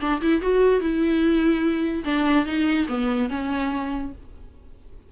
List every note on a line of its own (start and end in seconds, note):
0.00 0.21 D4
0.21 0.41 E4
0.41 0.80 F#4
0.80 2.03 E4
2.04 2.45 D4
2.45 2.87 D#4
2.88 3.29 B3
3.29 4.11 C#4